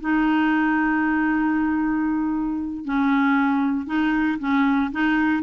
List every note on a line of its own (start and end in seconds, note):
0.00 2.84 D#4
2.84 3.86 C#4
3.86 4.38 D#4
4.39 4.91 C#4
4.92 5.43 D#4